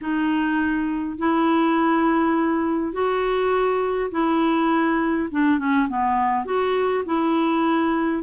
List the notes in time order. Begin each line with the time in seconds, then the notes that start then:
0.01 D#4
1.17 E4
2.93 F#4
4.11 E4
5.31 D4
5.58 C#4
5.88 B3
6.45 F#4
7.05 E4